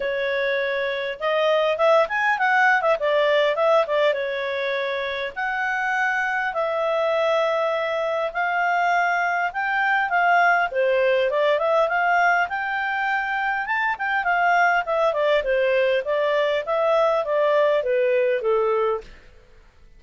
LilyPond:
\new Staff \with { instrumentName = "clarinet" } { \time 4/4 \tempo 4 = 101 cis''2 dis''4 e''8 gis''8 | fis''8. e''16 d''4 e''8 d''8 cis''4~ | cis''4 fis''2 e''4~ | e''2 f''2 |
g''4 f''4 c''4 d''8 e''8 | f''4 g''2 a''8 g''8 | f''4 e''8 d''8 c''4 d''4 | e''4 d''4 b'4 a'4 | }